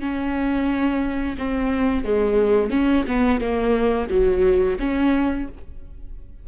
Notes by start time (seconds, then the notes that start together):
0.00 C#4
1.39 C4
2.05 G#3
2.71 C#4
3.08 B3
3.41 A#3
4.10 F#3
4.80 C#4